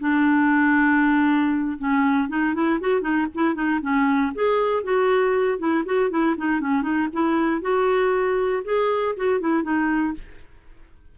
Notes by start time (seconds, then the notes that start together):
0.00 D4
1.78 C#4
2.29 D#4
2.54 E4
2.81 F#4
3.01 D#4
3.35 E4
3.55 D#4
3.82 C#4
4.35 G#4
4.84 F#4
5.59 E4
5.86 F#4
6.10 E4
6.38 D#4
6.61 C#4
6.83 D#4
7.13 E4
7.62 F#4
8.65 G#4
9.17 F#4
9.40 E4
9.63 D#4